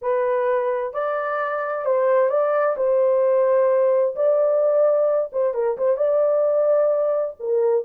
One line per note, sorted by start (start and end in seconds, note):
0.01 0.93 B4
0.93 1.85 D5
1.85 2.29 C5
2.29 2.75 D5
2.76 4.15 C5
4.15 5.31 D5
5.32 5.54 C5
5.54 5.77 A#4
5.77 5.96 C5
5.96 7.35 D5
7.39 7.84 A#4